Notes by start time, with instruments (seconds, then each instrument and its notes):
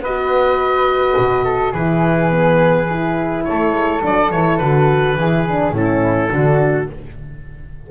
0.00 double bass B3, horn F#4, flute B4, oboe D#5
1.18 double bass B2
1.45 flute A4
1.72 double bass E3, horn E4, flute G#4, oboe B4
2.31 horn B3
2.89 horn E4
3.44 flute A4, oboe C#5
3.50 double bass A3
3.73 double bass G#3
4.02 double bass F#3, horn D4, oboe D5
4.31 double bass E3, horn E4, oboe C#5
4.58 double bass D3, horn F#4, oboe B4
5.15 double bass E3, horn E4, flute G#4
5.48 horn D4
5.71 double bass A2, horn C#4, flute E4, oboe A4
6.29 double bass D3, horn D4, flute F#4